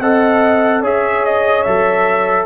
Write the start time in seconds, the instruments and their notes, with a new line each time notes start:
0.00 tuba C4, trombone A4, horn D#5, trumpet F#5
0.81 tuba C#4, trombone G#4, horn C#5, trumpet E5
1.25 trumpet D#5
1.63 tuba F#3, trombone A4, trumpet E5